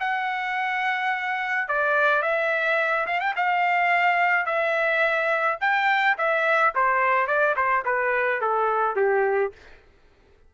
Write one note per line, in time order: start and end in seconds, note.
0.00 1.68 F#5
1.68 2.22 D5
2.22 3.06 E5
3.06 3.20 F5
3.20 3.34 G5
3.36 4.46 F5
4.46 5.58 E5
5.61 6.17 G5
6.18 6.74 E5
6.75 7.27 C5
7.27 7.55 D5
7.56 7.84 C5
7.85 8.41 B4
8.41 8.96 A4
8.96 9.52 G4